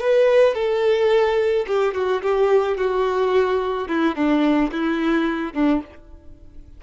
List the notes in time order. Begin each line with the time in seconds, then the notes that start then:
0.00 B4
0.55 A4
1.67 G4
1.94 F#4
2.22 G4
2.77 F#4
3.88 E4
4.15 D4
4.72 E4
5.53 D4